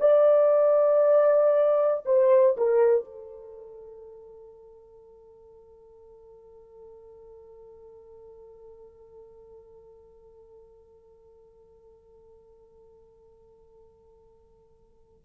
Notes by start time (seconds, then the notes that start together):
0.00 D5
2.05 C5
2.57 A#4
3.05 A4